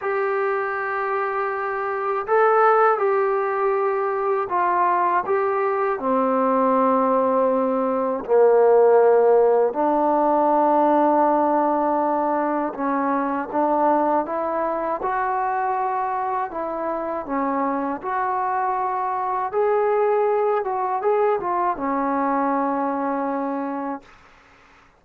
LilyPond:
\new Staff \with { instrumentName = "trombone" } { \time 4/4 \tempo 4 = 80 g'2. a'4 | g'2 f'4 g'4 | c'2. ais4~ | ais4 d'2.~ |
d'4 cis'4 d'4 e'4 | fis'2 e'4 cis'4 | fis'2 gis'4. fis'8 | gis'8 f'8 cis'2. | }